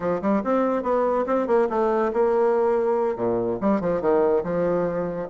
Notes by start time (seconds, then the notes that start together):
0.00 F3
0.21 G3
0.44 C4
0.82 B3
1.26 C4
1.47 A#3
1.69 A3
2.13 A#3
3.16 A#2
3.60 G3
3.80 F3
4.01 D#3
4.43 F3